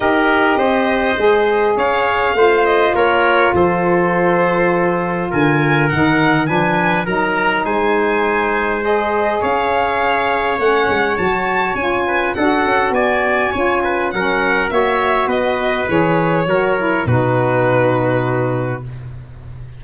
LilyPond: <<
  \new Staff \with { instrumentName = "violin" } { \time 4/4 \tempo 4 = 102 dis''2. f''4~ | f''8 dis''8 cis''4 c''2~ | c''4 gis''4 fis''4 gis''4 | ais''4 gis''2 dis''4 |
f''2 fis''4 a''4 | gis''4 fis''4 gis''2 | fis''4 e''4 dis''4 cis''4~ | cis''4 b'2. | }
  \new Staff \with { instrumentName = "trumpet" } { \time 4/4 ais'4 c''2 cis''4 | c''4 ais'4 a'2~ | a'4 ais'2 b'4 | ais'4 c''2. |
cis''1~ | cis''8 b'8 a'4 d''4 cis''8 b'8 | ais'4 cis''4 b'2 | ais'4 fis'2. | }
  \new Staff \with { instrumentName = "saxophone" } { \time 4/4 g'2 gis'2 | f'1~ | f'2 dis'4 d'4 | dis'2. gis'4~ |
gis'2 cis'4 fis'4 | f'4 fis'2 f'4 | cis'4 fis'2 gis'4 | fis'8 e'8 dis'2. | }
  \new Staff \with { instrumentName = "tuba" } { \time 4/4 dis'4 c'4 gis4 cis'4 | a4 ais4 f2~ | f4 d4 dis4 f4 | fis4 gis2. |
cis'2 a8 gis8 fis4 | cis'4 d'8 cis'8 b4 cis'4 | fis4 ais4 b4 e4 | fis4 b,2. | }
>>